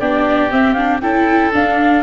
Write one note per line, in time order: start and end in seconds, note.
0.00 0.52 B3
0.00 0.50 D4
0.00 1.02 G4
0.00 0.51 D5
0.50 0.76 C4
0.50 1.02 C4
0.50 0.74 E5
0.74 1.02 D4
0.74 0.99 F5
1.01 1.53 C#4
1.01 1.53 E4
1.01 2.03 A4
1.01 1.52 G5
1.53 2.03 D4
1.53 2.03 F5